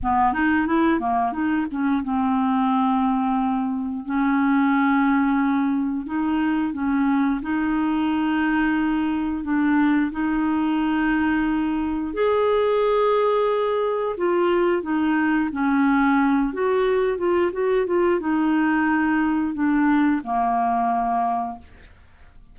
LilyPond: \new Staff \with { instrumentName = "clarinet" } { \time 4/4 \tempo 4 = 89 b8 dis'8 e'8 ais8 dis'8 cis'8 c'4~ | c'2 cis'2~ | cis'4 dis'4 cis'4 dis'4~ | dis'2 d'4 dis'4~ |
dis'2 gis'2~ | gis'4 f'4 dis'4 cis'4~ | cis'8 fis'4 f'8 fis'8 f'8 dis'4~ | dis'4 d'4 ais2 | }